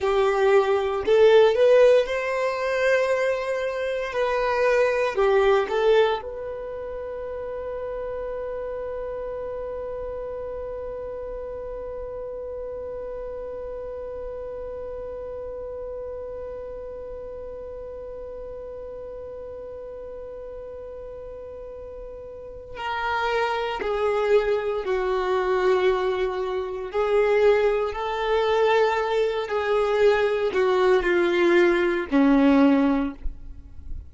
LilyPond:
\new Staff \with { instrumentName = "violin" } { \time 4/4 \tempo 4 = 58 g'4 a'8 b'8 c''2 | b'4 g'8 a'8 b'2~ | b'1~ | b'1~ |
b'1~ | b'2 ais'4 gis'4 | fis'2 gis'4 a'4~ | a'8 gis'4 fis'8 f'4 cis'4 | }